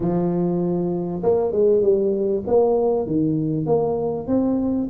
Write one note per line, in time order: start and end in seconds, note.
0.00 1.22 F3
1.22 1.51 A#3
1.51 1.81 G#3
1.81 2.43 G3
2.47 3.06 A#3
3.06 3.66 D#3
3.66 4.27 A#3
4.27 4.88 C4